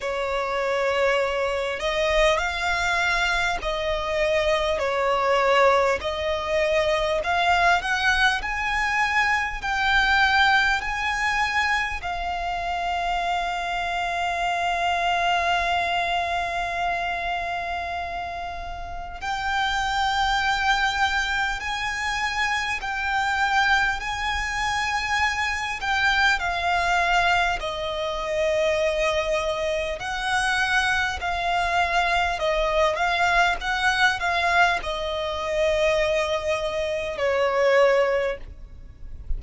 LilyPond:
\new Staff \with { instrumentName = "violin" } { \time 4/4 \tempo 4 = 50 cis''4. dis''8 f''4 dis''4 | cis''4 dis''4 f''8 fis''8 gis''4 | g''4 gis''4 f''2~ | f''1 |
g''2 gis''4 g''4 | gis''4. g''8 f''4 dis''4~ | dis''4 fis''4 f''4 dis''8 f''8 | fis''8 f''8 dis''2 cis''4 | }